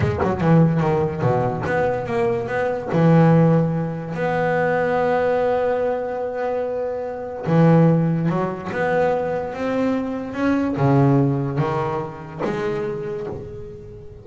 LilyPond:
\new Staff \with { instrumentName = "double bass" } { \time 4/4 \tempo 4 = 145 gis8 fis8 e4 dis4 b,4 | b4 ais4 b4 e4~ | e2 b2~ | b1~ |
b2 e2 | fis4 b2 c'4~ | c'4 cis'4 cis2 | dis2 gis2 | }